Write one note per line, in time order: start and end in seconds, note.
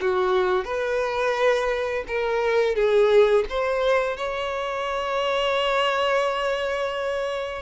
0.00 0.64 F#4
0.64 2.04 B4
2.07 2.75 A#4
2.75 3.45 G#4
3.49 4.17 C5
4.17 7.62 C#5